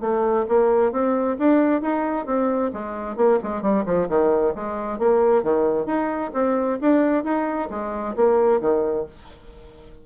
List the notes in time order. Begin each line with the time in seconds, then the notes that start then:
0.00 A3
0.48 A#3
0.92 C4
1.39 D4
1.81 D#4
2.26 C4
2.73 G#3
3.16 A#3
3.43 G#3
3.62 G3
3.85 F3
4.09 D#3
4.55 G#3
4.98 A#3
5.43 D#3
5.86 D#4
6.33 C4
6.81 D4
7.24 D#4
7.70 G#3
8.16 A#3
8.61 D#3